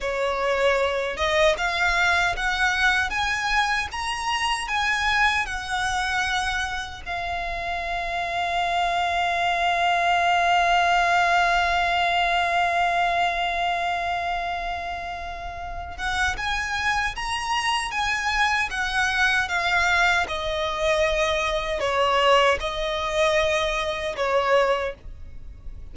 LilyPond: \new Staff \with { instrumentName = "violin" } { \time 4/4 \tempo 4 = 77 cis''4. dis''8 f''4 fis''4 | gis''4 ais''4 gis''4 fis''4~ | fis''4 f''2.~ | f''1~ |
f''1~ | f''8 fis''8 gis''4 ais''4 gis''4 | fis''4 f''4 dis''2 | cis''4 dis''2 cis''4 | }